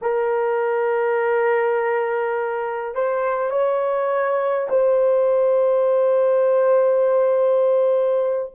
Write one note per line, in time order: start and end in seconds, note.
0.01 2.94 A#4
2.94 3.50 C5
3.50 4.67 C#5
4.70 8.52 C5